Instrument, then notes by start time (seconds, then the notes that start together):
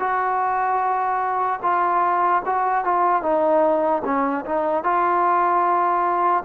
trombone
0.00 F#4
1.63 F4
2.46 F#4
2.85 F4
3.23 D#4
4.05 C#4
4.46 D#4
4.84 F4